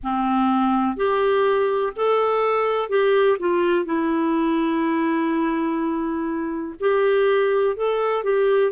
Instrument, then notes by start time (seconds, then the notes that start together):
clarinet
0.03 C4
0.96 G4
1.96 A4
2.89 G4
3.39 F4
3.84 E4
6.80 G4
7.76 A4
8.23 G4